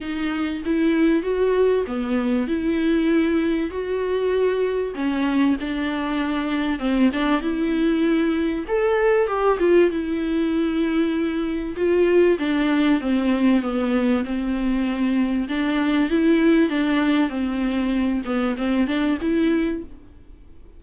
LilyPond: \new Staff \with { instrumentName = "viola" } { \time 4/4 \tempo 4 = 97 dis'4 e'4 fis'4 b4 | e'2 fis'2 | cis'4 d'2 c'8 d'8 | e'2 a'4 g'8 f'8 |
e'2. f'4 | d'4 c'4 b4 c'4~ | c'4 d'4 e'4 d'4 | c'4. b8 c'8 d'8 e'4 | }